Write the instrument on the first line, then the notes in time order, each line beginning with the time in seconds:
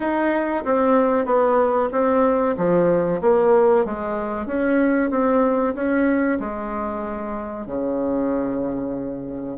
bassoon
0.00 D#4
0.64 C4
1.25 B3
1.91 C4
2.57 F3
3.21 A#3
3.85 G#3
4.46 C#4
5.10 C4
5.74 C#4
6.39 G#3
7.66 C#3